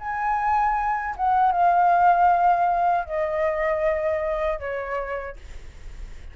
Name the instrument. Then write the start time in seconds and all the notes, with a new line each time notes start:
flute
0.00 G#5
1.17 F#5
1.52 F5
3.06 D#5
4.60 C#5